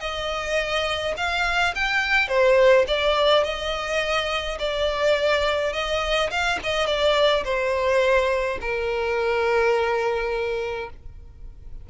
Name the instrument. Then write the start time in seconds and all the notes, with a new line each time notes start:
violin
0.00 D#5
1.17 F5
1.75 G5
2.28 C5
2.87 D5
3.43 D#5
4.59 D5
5.72 D#5
6.30 F5
6.63 D#5
6.86 D5
7.44 C5
8.61 A#4